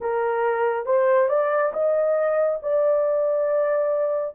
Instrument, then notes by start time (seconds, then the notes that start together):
horn
0.00 A#4
0.85 C5
1.28 D5
1.73 D#5
2.62 D5